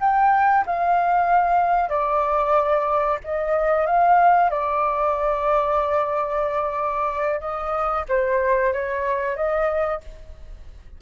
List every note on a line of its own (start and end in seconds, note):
0.00 0.65 G5
0.66 1.89 F5
1.89 3.18 D5
3.24 3.86 D#5
3.86 4.50 F5
4.50 7.40 D5
7.40 8.04 D#5
8.08 8.73 C5
8.73 9.36 C#5
9.36 10.01 D#5